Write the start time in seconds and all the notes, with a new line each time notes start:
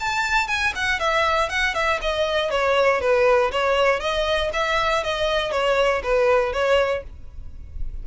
0.00 A5
0.47 G#5
0.75 F#5
0.99 E5
1.49 F#5
1.74 E5
2.01 D#5
2.50 C#5
3.01 B4
3.51 C#5
4.00 D#5
4.53 E5
5.03 D#5
5.51 C#5
6.03 B4
6.52 C#5